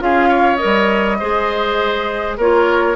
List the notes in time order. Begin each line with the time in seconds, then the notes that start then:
0.00 C#4 F4 G#4 F5
0.29 C#5
0.57 A#4 D#5
0.65 G3
1.20 G#3 G#4 C5
2.38 A#3 F4 A#4 C#5